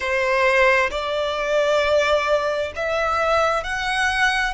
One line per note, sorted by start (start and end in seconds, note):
0.00 0.90 C5
0.90 2.72 D5
2.75 3.63 E5
3.63 4.53 F#5